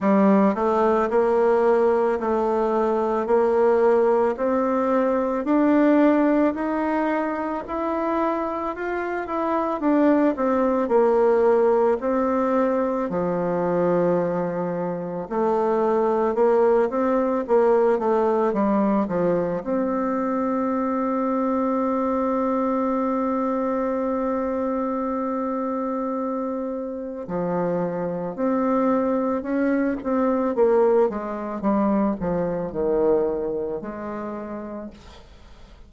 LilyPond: \new Staff \with { instrumentName = "bassoon" } { \time 4/4 \tempo 4 = 55 g8 a8 ais4 a4 ais4 | c'4 d'4 dis'4 e'4 | f'8 e'8 d'8 c'8 ais4 c'4 | f2 a4 ais8 c'8 |
ais8 a8 g8 f8 c'2~ | c'1~ | c'4 f4 c'4 cis'8 c'8 | ais8 gis8 g8 f8 dis4 gis4 | }